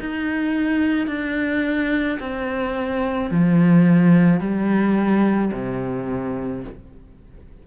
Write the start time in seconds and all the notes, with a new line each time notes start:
0.00 D#4
1.07 D4
2.20 C4
3.31 F3
4.40 G3
5.53 C3